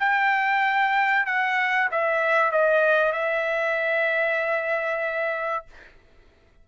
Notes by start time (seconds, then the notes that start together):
0.00 G5
1.26 F#5
1.92 E5
2.52 D#5
3.13 E5